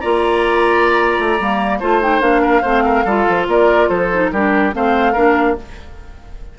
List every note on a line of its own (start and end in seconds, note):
0.00 1.18 A#3
0.00 1.39 F4
0.00 1.79 D5
0.00 1.78 A#5
1.18 1.39 A3
1.39 1.81 G3
1.39 1.81 A#3
1.79 2.20 A3
1.79 2.01 F4
1.79 2.41 C5
1.79 2.00 A5
2.01 2.20 D#4
2.01 2.20 G5
2.20 2.62 A#3
2.20 2.62 D4
2.20 3.46 F5
2.41 2.62 A#4
2.62 3.05 A3
2.62 3.05 C4
2.62 2.83 C5
2.84 3.04 A#4
3.04 3.26 G3
3.04 4.12 F4
3.04 3.46 A4
3.28 3.47 F3
3.47 3.89 A#3
3.47 3.88 A#4
3.47 3.88 D5
3.88 4.31 F3
3.88 4.30 A4
3.88 4.30 C5
4.12 4.33 D#4
4.31 4.73 G3
4.31 4.72 D4
4.31 4.74 G4
4.31 4.73 A#4
4.72 5.15 A3
4.72 5.14 C4
4.72 5.12 C5
4.72 5.58 F5
5.12 5.57 A#3
5.12 5.56 D4
5.12 5.54 A#4